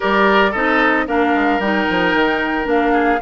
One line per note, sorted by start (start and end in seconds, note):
0.00 0.54 G3
0.00 0.50 G4
0.00 0.51 A#4
0.00 0.53 D5
0.51 1.07 C4
0.51 1.07 D#4
0.51 1.04 A4
0.51 1.06 D#5
1.07 1.34 A#3
1.07 1.60 D4
1.07 2.93 A#4
1.07 1.60 F5
1.34 1.59 G#3
1.59 1.85 G3
1.59 2.64 D#4
1.59 2.67 G5
1.90 2.14 F3
2.14 2.65 D#3
2.64 3.19 A#3
2.64 3.18 D4
2.64 3.22 F5
2.93 3.19 G#4